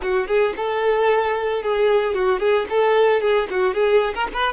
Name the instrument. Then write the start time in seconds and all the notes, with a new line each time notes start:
violin
0.01 F#4
0.27 G#4
0.56 A4
1.62 G#4
2.14 F#4
2.39 G#4
2.69 A4
3.20 G#4
3.50 F#4
3.74 G#4
4.14 A#4
4.33 B4